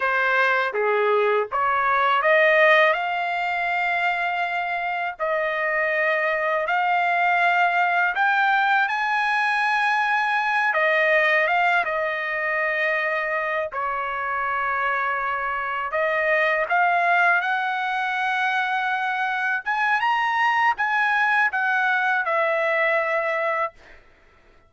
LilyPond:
\new Staff \with { instrumentName = "trumpet" } { \time 4/4 \tempo 4 = 81 c''4 gis'4 cis''4 dis''4 | f''2. dis''4~ | dis''4 f''2 g''4 | gis''2~ gis''8 dis''4 f''8 |
dis''2~ dis''8 cis''4.~ | cis''4. dis''4 f''4 fis''8~ | fis''2~ fis''8 gis''8 ais''4 | gis''4 fis''4 e''2 | }